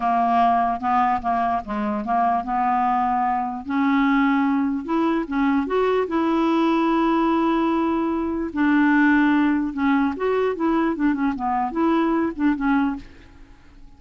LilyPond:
\new Staff \with { instrumentName = "clarinet" } { \time 4/4 \tempo 4 = 148 ais2 b4 ais4 | gis4 ais4 b2~ | b4 cis'2. | e'4 cis'4 fis'4 e'4~ |
e'1~ | e'4 d'2. | cis'4 fis'4 e'4 d'8 cis'8 | b4 e'4. d'8 cis'4 | }